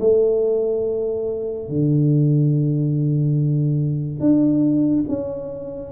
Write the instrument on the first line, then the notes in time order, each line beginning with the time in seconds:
tuba
0.00 A3
1.69 D3
4.20 D4
5.08 C#4